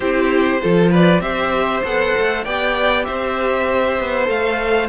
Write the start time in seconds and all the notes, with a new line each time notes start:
0.00 C4 E4 G4 C5
0.61 F3 F4 A4
0.90 B4 D5
1.20 C4 G4 C5 E5
1.83 B3 A4 F#5
2.18 A3
2.44 B3 G4 D5 G5
3.04 C4 C5 E5
3.99 B3
4.24 A3 A4 F5